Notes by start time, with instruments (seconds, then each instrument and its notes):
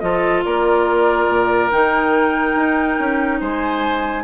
0.00 bassoon F3, clarinet F4, oboe A4, flute D#5
0.45 bassoon A#3, oboe A#4, flute D5
1.29 bassoon A#2
1.72 bassoon D#3, clarinet D#4, flute G5
2.55 bassoon D#4
2.99 bassoon C#4
3.41 bassoon G#3, oboe C5, flute G#5